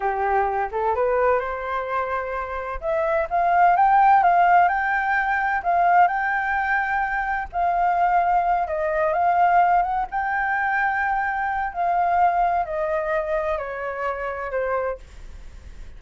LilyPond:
\new Staff \with { instrumentName = "flute" } { \time 4/4 \tempo 4 = 128 g'4. a'8 b'4 c''4~ | c''2 e''4 f''4 | g''4 f''4 g''2 | f''4 g''2. |
f''2~ f''8 dis''4 f''8~ | f''4 fis''8 g''2~ g''8~ | g''4 f''2 dis''4~ | dis''4 cis''2 c''4 | }